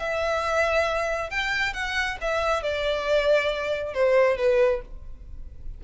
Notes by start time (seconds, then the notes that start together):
0.00 E5
1.31 G5
1.74 F#5
2.21 E5
2.63 D5
3.94 C5
4.38 B4